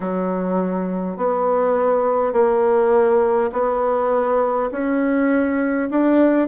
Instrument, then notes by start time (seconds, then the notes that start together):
bassoon
0.00 F#3
1.17 B3
2.33 A#3
3.52 B3
4.71 C#4
5.90 D4